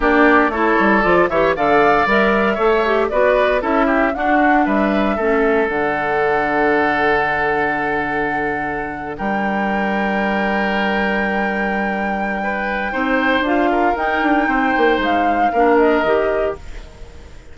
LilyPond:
<<
  \new Staff \with { instrumentName = "flute" } { \time 4/4 \tempo 4 = 116 d''4 cis''4 d''8 e''8 f''4 | e''2 d''4 e''4 | fis''4 e''2 fis''4~ | fis''1~ |
fis''4.~ fis''16 g''2~ g''16~ | g''1~ | g''2 f''4 g''4~ | g''4 f''4. dis''4. | }
  \new Staff \with { instrumentName = "oboe" } { \time 4/4 g'4 a'4. cis''8 d''4~ | d''4 cis''4 b'4 a'8 g'8 | fis'4 b'4 a'2~ | a'1~ |
a'4.~ a'16 ais'2~ ais'16~ | ais'1 | b'4 c''4. ais'4. | c''2 ais'2 | }
  \new Staff \with { instrumentName = "clarinet" } { \time 4/4 d'4 e'4 f'8 g'8 a'4 | ais'4 a'8 g'8 fis'4 e'4 | d'2 cis'4 d'4~ | d'1~ |
d'1~ | d'1~ | d'4 dis'4 f'4 dis'4~ | dis'2 d'4 g'4 | }
  \new Staff \with { instrumentName = "bassoon" } { \time 4/4 ais4 a8 g8 f8 e8 d4 | g4 a4 b4 cis'4 | d'4 g4 a4 d4~ | d1~ |
d4.~ d16 g2~ g16~ | g1~ | g4 c'4 d'4 dis'8 d'8 | c'8 ais8 gis4 ais4 dis4 | }
>>